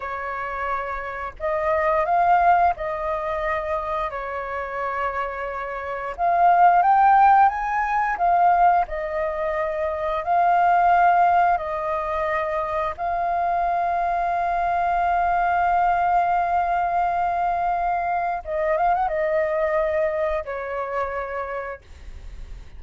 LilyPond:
\new Staff \with { instrumentName = "flute" } { \time 4/4 \tempo 4 = 88 cis''2 dis''4 f''4 | dis''2 cis''2~ | cis''4 f''4 g''4 gis''4 | f''4 dis''2 f''4~ |
f''4 dis''2 f''4~ | f''1~ | f''2. dis''8 f''16 fis''16 | dis''2 cis''2 | }